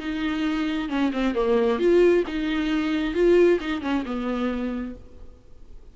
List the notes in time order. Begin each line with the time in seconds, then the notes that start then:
0.00 D#4
0.89 C#4
1.13 C4
1.35 A#3
1.79 F4
2.27 D#4
3.14 F4
3.60 D#4
3.81 C#4
4.05 B3